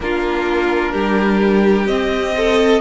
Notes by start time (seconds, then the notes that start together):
0.00 A#3 D4 F4 A#4
0.92 G3 G4
1.87 C4 D#5
2.36 A4